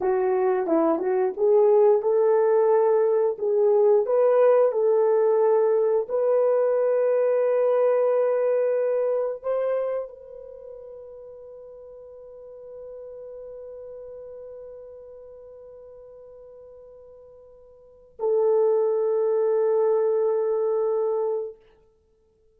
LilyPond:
\new Staff \with { instrumentName = "horn" } { \time 4/4 \tempo 4 = 89 fis'4 e'8 fis'8 gis'4 a'4~ | a'4 gis'4 b'4 a'4~ | a'4 b'2.~ | b'2 c''4 b'4~ |
b'1~ | b'1~ | b'2. a'4~ | a'1 | }